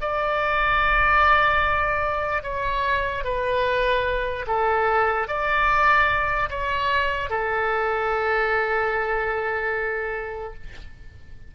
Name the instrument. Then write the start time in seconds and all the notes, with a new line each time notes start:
oboe
0.00 D5
2.43 C#5
3.24 B4
4.47 A4
5.27 D5
6.50 C#5
7.29 A4